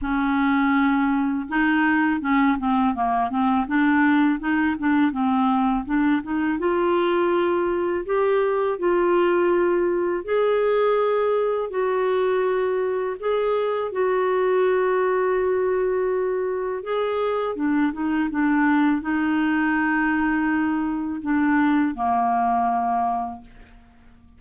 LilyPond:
\new Staff \with { instrumentName = "clarinet" } { \time 4/4 \tempo 4 = 82 cis'2 dis'4 cis'8 c'8 | ais8 c'8 d'4 dis'8 d'8 c'4 | d'8 dis'8 f'2 g'4 | f'2 gis'2 |
fis'2 gis'4 fis'4~ | fis'2. gis'4 | d'8 dis'8 d'4 dis'2~ | dis'4 d'4 ais2 | }